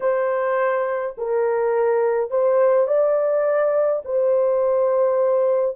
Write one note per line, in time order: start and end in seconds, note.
0.00 1.15 C5
1.17 2.30 A#4
2.30 2.87 C5
2.87 4.02 D5
4.04 5.76 C5